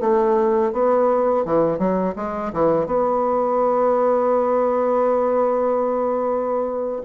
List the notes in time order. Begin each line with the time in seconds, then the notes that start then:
0.00 A3
0.72 B3
1.45 E3
1.78 F#3
2.16 G#3
2.53 E3
2.86 B3